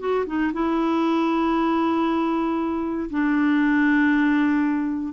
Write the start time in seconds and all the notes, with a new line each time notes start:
0.00 F#4
0.27 D#4
0.54 E4
3.10 D4